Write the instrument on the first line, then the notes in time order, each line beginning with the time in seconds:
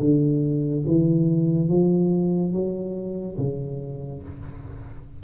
tuba
0.00 D3
0.87 E3
1.69 F3
2.53 F#3
3.38 C#3